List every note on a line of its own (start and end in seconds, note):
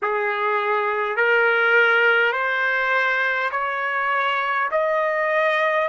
0.02 1.16 G#4
1.16 2.32 A#4
2.32 3.50 C5
3.51 4.68 C#5
4.71 5.88 D#5